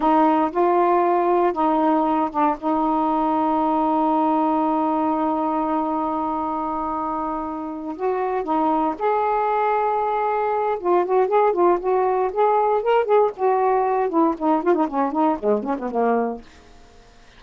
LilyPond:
\new Staff \with { instrumentName = "saxophone" } { \time 4/4 \tempo 4 = 117 dis'4 f'2 dis'4~ | dis'8 d'8 dis'2.~ | dis'1~ | dis'2.~ dis'8 fis'8~ |
fis'8 dis'4 gis'2~ gis'8~ | gis'4 f'8 fis'8 gis'8 f'8 fis'4 | gis'4 ais'8 gis'8 fis'4. e'8 | dis'8 f'16 dis'16 cis'8 dis'8 gis8 cis'16 b16 ais4 | }